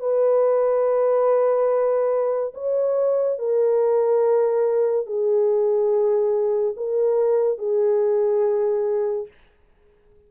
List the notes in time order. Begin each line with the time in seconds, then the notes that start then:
0.00 B4
2.55 C#5
3.39 A#4
5.06 G#4
6.77 A#4
7.59 G#4